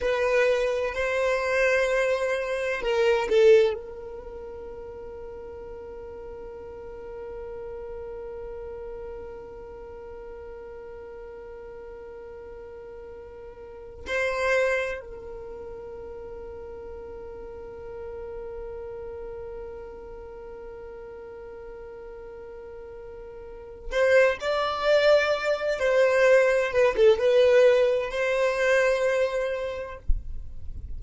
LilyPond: \new Staff \with { instrumentName = "violin" } { \time 4/4 \tempo 4 = 64 b'4 c''2 ais'8 a'8 | ais'1~ | ais'1~ | ais'2. c''4 |
ais'1~ | ais'1~ | ais'4. c''8 d''4. c''8~ | c''8 b'16 a'16 b'4 c''2 | }